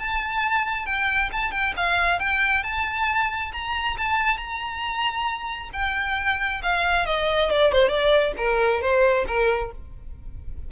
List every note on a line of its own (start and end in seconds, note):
0.00 0.86 A5
0.86 1.30 G5
1.33 1.52 A5
1.52 1.74 G5
1.77 2.20 F5
2.20 2.64 G5
2.64 3.52 A5
3.53 3.97 A#5
3.98 4.38 A5
4.38 5.70 A#5
5.74 6.62 G5
6.63 7.06 F5
7.06 7.50 D#5
7.51 7.72 D5
7.72 7.89 C5
7.89 8.33 D5
8.38 8.82 A#4
8.82 9.26 C5
9.28 9.72 A#4